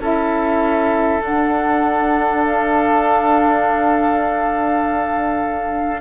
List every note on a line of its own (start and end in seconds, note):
0.00 1.21 C#4
0.00 1.20 E4
0.00 6.01 A4
0.00 1.23 E5
1.20 6.00 D4
1.20 6.01 D4
1.20 2.44 F#5
2.44 6.01 F5